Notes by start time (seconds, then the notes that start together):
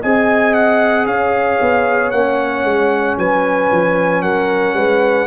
0.00 C4 G#4 D#5 G#5
0.53 F#5
1.06 C#4 C#5 F5
1.61 B3
2.11 A#3 C#4 F#5
2.63 G#3
3.18 F#3 B4 G#5
3.71 F3
4.22 F#3 A#4 F#5
4.73 G#3 B4